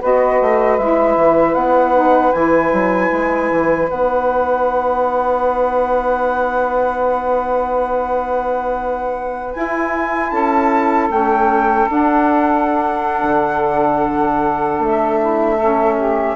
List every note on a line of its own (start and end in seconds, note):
0.00 0.41 B3
0.00 0.79 F#4
0.00 10.32 B4
0.00 0.78 D#5
0.41 0.78 A3
0.78 1.16 G#3
0.78 1.94 E4
0.78 1.54 E5
1.16 1.55 E3
1.54 2.33 B3
1.54 2.32 F#5
1.94 2.33 D#4
2.32 2.72 E3
2.32 3.88 E4
2.32 3.88 G#5
2.72 3.11 F#3
3.12 3.51 G#3
3.51 3.90 E3
3.88 9.55 B3
3.88 9.53 D#4
3.88 9.54 F#5
9.53 11.09 E4
9.53 10.32 E4
9.53 10.30 G#5
10.30 11.09 C#4
10.30 15.19 A4
10.30 11.07 A5
11.09 11.87 A3
11.09 11.88 C#4
11.09 11.89 G5
11.88 15.59 D4
11.88 13.23 D4
11.88 14.84 F#5
13.23 14.79 D3
14.79 16.35 A3
14.85 16.36 E5
15.19 15.56 E4
15.56 16.36 C#4
15.56 15.95 A4
15.97 16.36 G4